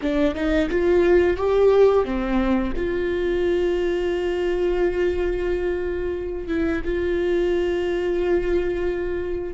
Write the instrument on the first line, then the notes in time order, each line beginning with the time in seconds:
viola
0.01 D4
0.34 D#4
0.69 F4
1.36 G4
2.04 C4
2.76 F4
6.47 E4
6.84 F4